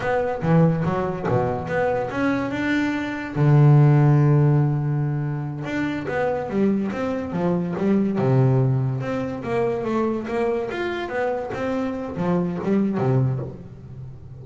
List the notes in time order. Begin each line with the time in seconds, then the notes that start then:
0.00 B3
0.42 E3
0.84 F#3
1.28 B2
1.67 B3
2.11 C#4
2.51 D4
3.35 D3
5.64 D4
6.08 B3
6.49 G3
6.92 C4
7.32 F3
7.77 G3
8.18 C3
9.01 C4
9.43 A#3
9.84 A3
10.27 A#3
10.71 F4
11.09 B3
11.53 C4
12.16 F3
12.63 G3
12.97 C3